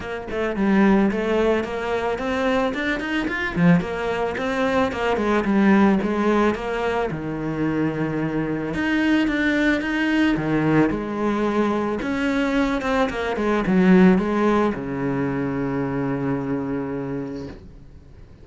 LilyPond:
\new Staff \with { instrumentName = "cello" } { \time 4/4 \tempo 4 = 110 ais8 a8 g4 a4 ais4 | c'4 d'8 dis'8 f'8 f8 ais4 | c'4 ais8 gis8 g4 gis4 | ais4 dis2. |
dis'4 d'4 dis'4 dis4 | gis2 cis'4. c'8 | ais8 gis8 fis4 gis4 cis4~ | cis1 | }